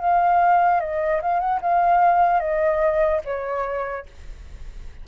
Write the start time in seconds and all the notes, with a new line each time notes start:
0.00 F5
0.80 D#5
1.22 F5
1.40 F#5
1.61 F5
2.40 D#5
3.25 C#5